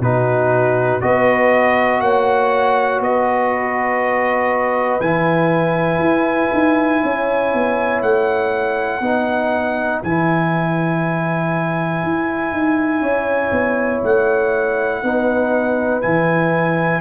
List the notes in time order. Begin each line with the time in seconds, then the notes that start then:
0.00 B2 D#4 F#4 B4
1.01 B3 F#4 B4 D#5
2.00 A#3 C#5 F#5
3.00 B3 B4 D#5
5.01 E3 E4 G#5
5.99 E4
6.52 D#4
7.02 C#4 C#5
7.53 B3
8.02 A3 F#5
9.00 B3 D#4 B4
10.03 E3 E4 G#5
12.03 E4
12.51 D#4
13.01 C#4 C#5
13.51 B3
14.03 A3 F#5
15.03 B3 D#4 B4
16.02 E3 E4 G#5